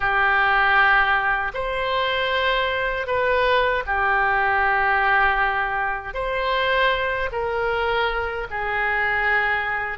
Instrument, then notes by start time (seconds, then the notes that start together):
oboe
0.00 G4
1.53 C5
3.06 B4
3.86 G4
6.14 C5
7.31 A#4
8.50 G#4